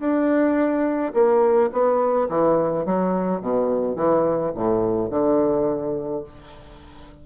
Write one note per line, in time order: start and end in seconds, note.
0.00 1.13 D4
1.14 1.71 A#3
1.73 2.29 B3
2.29 2.86 E3
2.86 3.42 F#3
3.42 3.96 B2
3.96 4.53 E3
4.55 5.11 A2
5.11 6.24 D3